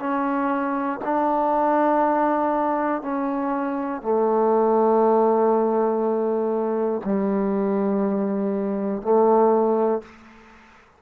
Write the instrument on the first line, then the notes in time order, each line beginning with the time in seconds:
trombone
0.00 C#4
1.05 D4
3.03 C#4
4.03 A3
7.05 G3
9.03 A3